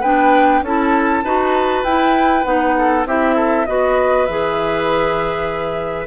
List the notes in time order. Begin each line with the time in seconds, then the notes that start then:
0.00 B3 D4 B4 G5
0.62 C#4 E4 A4 A5
1.23 D#4 F#4 B4
1.83 E4 G5
2.44 B3 D#4 F#5
2.77 A4
3.05 C4 E4 G4 E5
3.35 A4
3.66 B3 F#4 B4 D#5
4.26 E3 G#4 E5